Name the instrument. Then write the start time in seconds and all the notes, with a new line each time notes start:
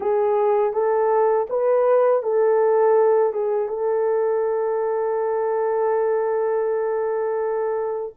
horn
0.00 G#4
0.73 A4
1.49 B4
2.23 A4
3.32 G#4
3.68 A4